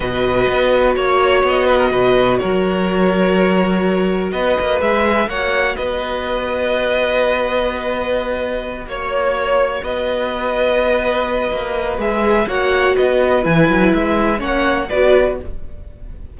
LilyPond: <<
  \new Staff \with { instrumentName = "violin" } { \time 4/4 \tempo 4 = 125 dis''2 cis''4 dis''4~ | dis''4 cis''2.~ | cis''4 dis''4 e''4 fis''4 | dis''1~ |
dis''2~ dis''8 cis''4.~ | cis''8 dis''2.~ dis''8~ | dis''4 e''4 fis''4 dis''4 | gis''4 e''4 fis''4 d''4 | }
  \new Staff \with { instrumentName = "violin" } { \time 4/4 b'2 cis''4. b'16 ais'16 | b'4 ais'2.~ | ais'4 b'2 cis''4 | b'1~ |
b'2~ b'8 cis''4.~ | cis''8 b'2.~ b'8~ | b'2 cis''4 b'4~ | b'2 cis''4 b'4 | }
  \new Staff \with { instrumentName = "viola" } { \time 4/4 fis'1~ | fis'1~ | fis'2 gis'4 fis'4~ | fis'1~ |
fis'1~ | fis'1~ | fis'4 gis'4 fis'2 | e'2 cis'4 fis'4 | }
  \new Staff \with { instrumentName = "cello" } { \time 4/4 b,4 b4 ais4 b4 | b,4 fis2.~ | fis4 b8 ais8 gis4 ais4 | b1~ |
b2~ b8 ais4.~ | ais8 b2.~ b8 | ais4 gis4 ais4 b4 | e8 fis8 gis4 ais4 b4 | }
>>